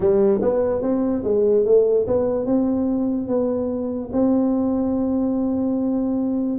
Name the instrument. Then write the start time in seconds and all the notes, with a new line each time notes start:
tuba
0.00 G3
0.41 B3
0.82 C4
1.24 G#3
1.65 A3
2.07 B3
2.45 C4
3.27 B3
4.12 C4